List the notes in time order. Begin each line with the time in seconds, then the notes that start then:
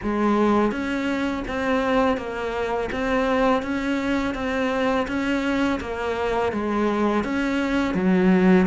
0.03 G#3
0.71 C#4
1.47 C4
2.17 A#3
2.91 C4
3.62 C#4
4.34 C4
5.07 C#4
5.80 A#3
6.52 G#3
7.24 C#4
7.94 F#3